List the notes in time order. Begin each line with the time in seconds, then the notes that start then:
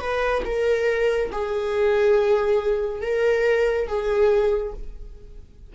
0.00 B4
0.45 A#4
1.32 G#4
3.02 A#4
3.87 G#4